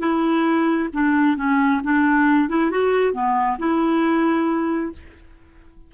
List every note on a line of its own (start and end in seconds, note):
0.00 0.90 E4
0.94 1.37 D4
1.37 1.82 C#4
1.84 2.49 D4
2.49 2.71 E4
2.71 3.13 F#4
3.13 3.58 B3
3.59 4.93 E4